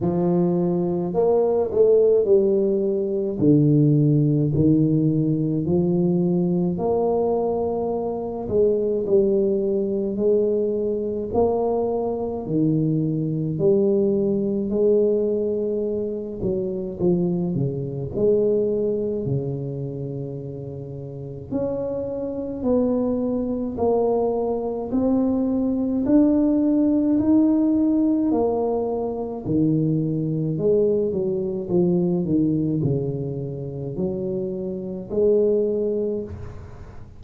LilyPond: \new Staff \with { instrumentName = "tuba" } { \time 4/4 \tempo 4 = 53 f4 ais8 a8 g4 d4 | dis4 f4 ais4. gis8 | g4 gis4 ais4 dis4 | g4 gis4. fis8 f8 cis8 |
gis4 cis2 cis'4 | b4 ais4 c'4 d'4 | dis'4 ais4 dis4 gis8 fis8 | f8 dis8 cis4 fis4 gis4 | }